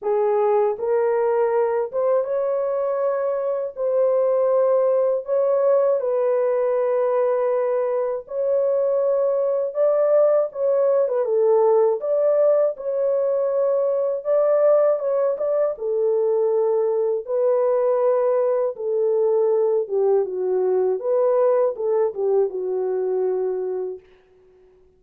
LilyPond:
\new Staff \with { instrumentName = "horn" } { \time 4/4 \tempo 4 = 80 gis'4 ais'4. c''8 cis''4~ | cis''4 c''2 cis''4 | b'2. cis''4~ | cis''4 d''4 cis''8. b'16 a'4 |
d''4 cis''2 d''4 | cis''8 d''8 a'2 b'4~ | b'4 a'4. g'8 fis'4 | b'4 a'8 g'8 fis'2 | }